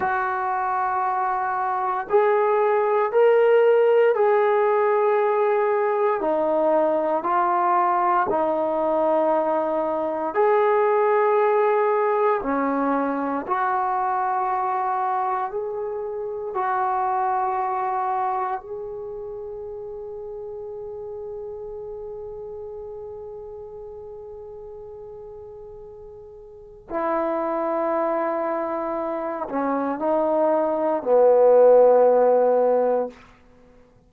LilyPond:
\new Staff \with { instrumentName = "trombone" } { \time 4/4 \tempo 4 = 58 fis'2 gis'4 ais'4 | gis'2 dis'4 f'4 | dis'2 gis'2 | cis'4 fis'2 gis'4 |
fis'2 gis'2~ | gis'1~ | gis'2 e'2~ | e'8 cis'8 dis'4 b2 | }